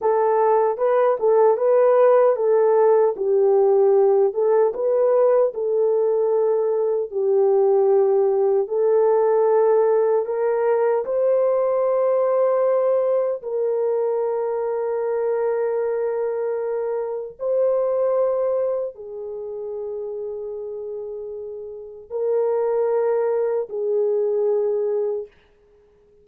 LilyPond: \new Staff \with { instrumentName = "horn" } { \time 4/4 \tempo 4 = 76 a'4 b'8 a'8 b'4 a'4 | g'4. a'8 b'4 a'4~ | a'4 g'2 a'4~ | a'4 ais'4 c''2~ |
c''4 ais'2.~ | ais'2 c''2 | gis'1 | ais'2 gis'2 | }